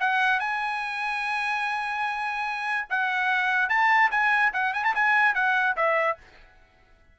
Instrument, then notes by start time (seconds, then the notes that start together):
trumpet
0.00 F#5
0.40 G#5
2.90 F#5
3.69 A5
4.11 G#5
4.53 F#5
4.74 G#5
4.84 A5
4.95 G#5
5.34 F#5
5.76 E5